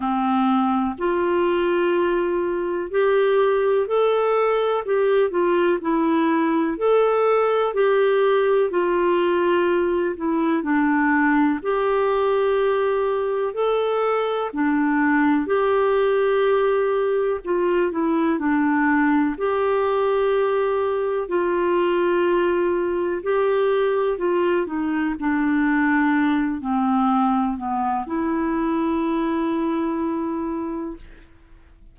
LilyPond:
\new Staff \with { instrumentName = "clarinet" } { \time 4/4 \tempo 4 = 62 c'4 f'2 g'4 | a'4 g'8 f'8 e'4 a'4 | g'4 f'4. e'8 d'4 | g'2 a'4 d'4 |
g'2 f'8 e'8 d'4 | g'2 f'2 | g'4 f'8 dis'8 d'4. c'8~ | c'8 b8 e'2. | }